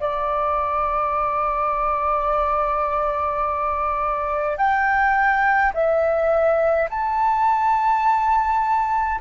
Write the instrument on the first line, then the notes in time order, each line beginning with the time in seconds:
flute
0.00 D5
4.57 G5
5.74 E5
6.90 A5